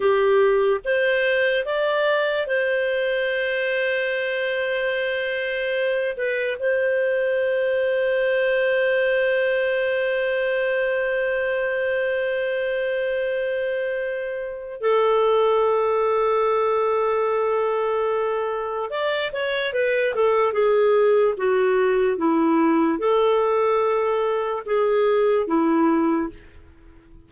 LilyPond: \new Staff \with { instrumentName = "clarinet" } { \time 4/4 \tempo 4 = 73 g'4 c''4 d''4 c''4~ | c''2.~ c''8 b'8 | c''1~ | c''1~ |
c''2 a'2~ | a'2. d''8 cis''8 | b'8 a'8 gis'4 fis'4 e'4 | a'2 gis'4 e'4 | }